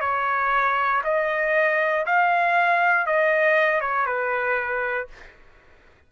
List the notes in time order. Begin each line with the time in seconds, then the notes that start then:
0.00 C#5
1.04 D#5
2.06 F5
3.06 D#5
3.80 C#5
4.06 B4